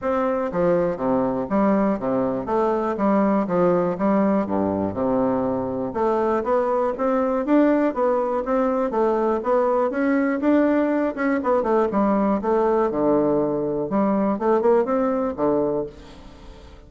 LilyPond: \new Staff \with { instrumentName = "bassoon" } { \time 4/4 \tempo 4 = 121 c'4 f4 c4 g4 | c4 a4 g4 f4 | g4 g,4 c2 | a4 b4 c'4 d'4 |
b4 c'4 a4 b4 | cis'4 d'4. cis'8 b8 a8 | g4 a4 d2 | g4 a8 ais8 c'4 d4 | }